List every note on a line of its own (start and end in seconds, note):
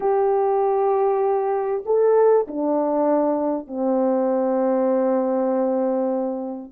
0.00 1.83 G4
1.85 2.46 A4
2.47 3.67 D4
3.67 6.72 C4